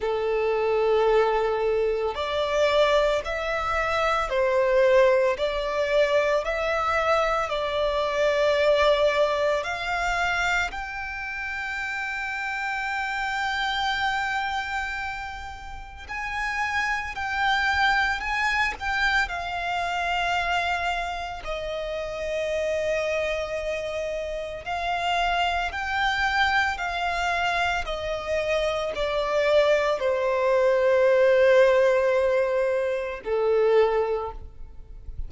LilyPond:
\new Staff \with { instrumentName = "violin" } { \time 4/4 \tempo 4 = 56 a'2 d''4 e''4 | c''4 d''4 e''4 d''4~ | d''4 f''4 g''2~ | g''2. gis''4 |
g''4 gis''8 g''8 f''2 | dis''2. f''4 | g''4 f''4 dis''4 d''4 | c''2. a'4 | }